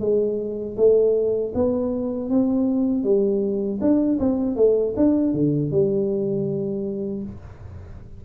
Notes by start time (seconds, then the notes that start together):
0.00 G#3
0.77 A3
1.54 B3
2.29 C4
3.03 G3
3.81 D4
4.19 C4
4.56 A3
4.96 D4
5.33 D3
5.71 G3